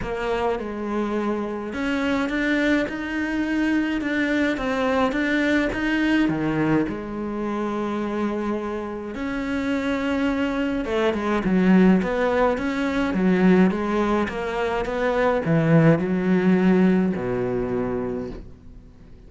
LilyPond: \new Staff \with { instrumentName = "cello" } { \time 4/4 \tempo 4 = 105 ais4 gis2 cis'4 | d'4 dis'2 d'4 | c'4 d'4 dis'4 dis4 | gis1 |
cis'2. a8 gis8 | fis4 b4 cis'4 fis4 | gis4 ais4 b4 e4 | fis2 b,2 | }